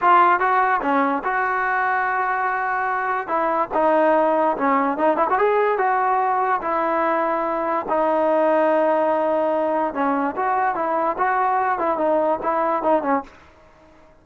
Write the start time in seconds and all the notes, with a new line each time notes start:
0.01 F4
0.39 F#4
0.81 C#4
1.24 F#4
3.27 E4
3.74 D#4
4.57 C#4
4.97 D#4
5.16 E4
5.29 F#4
5.38 G#4
5.78 F#4
6.61 E4
7.88 D#4
9.94 C#4
10.36 F#4
10.75 E4
11.17 F#4
11.78 E4
11.97 D#4
12.42 E4
12.82 D#4
13.02 C#4